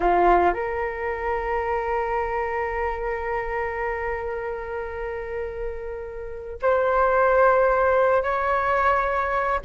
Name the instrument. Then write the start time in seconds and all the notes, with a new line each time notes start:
flute
0.00 F4
0.53 A#4
6.62 C5
8.22 C#5